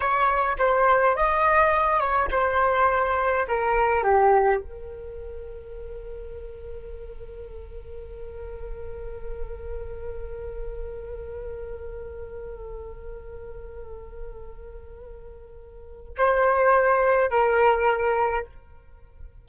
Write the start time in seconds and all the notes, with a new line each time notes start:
0.00 C#5
0.58 C5
1.16 D#5
2.00 C#5
2.31 C5
3.48 A#4
4.03 G4
4.60 A#4
16.17 C5
17.30 A#4